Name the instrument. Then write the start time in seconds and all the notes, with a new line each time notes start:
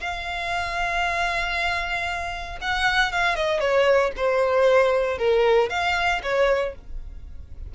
violin
0.00 F5
2.61 F#5
3.12 F5
3.35 D#5
3.60 C#5
4.16 C5
5.18 A#4
5.69 F5
6.23 C#5